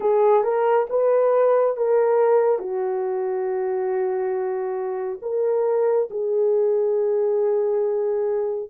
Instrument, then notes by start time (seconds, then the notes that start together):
horn
0.00 G#4
0.43 A#4
0.89 B4
1.76 A#4
2.58 F#4
5.22 A#4
6.10 G#4